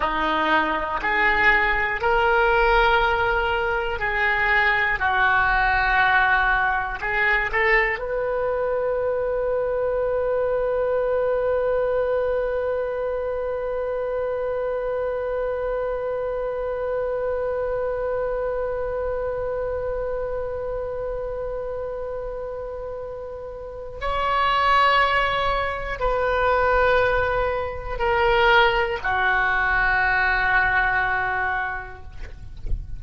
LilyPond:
\new Staff \with { instrumentName = "oboe" } { \time 4/4 \tempo 4 = 60 dis'4 gis'4 ais'2 | gis'4 fis'2 gis'8 a'8 | b'1~ | b'1~ |
b'1~ | b'1 | cis''2 b'2 | ais'4 fis'2. | }